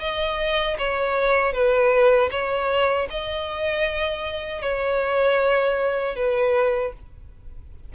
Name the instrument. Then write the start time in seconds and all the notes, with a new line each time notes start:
violin
0.00 D#5
0.79 C#5
1.53 B4
2.31 C#5
3.10 D#5
4.62 C#5
6.16 B4